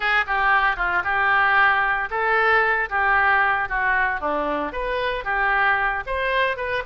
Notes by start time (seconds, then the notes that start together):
0.00 G#4
0.26 G4
0.76 F4
1.04 G4
2.10 A4
2.89 G4
3.68 F#4
4.20 D4
4.72 B4
5.24 G4
6.06 C5
6.56 B4